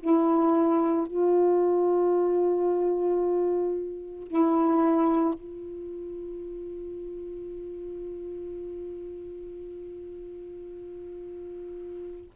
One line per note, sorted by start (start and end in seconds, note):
0.00 1.07 E4
1.07 4.28 F4
4.28 5.35 E4
5.35 12.31 F4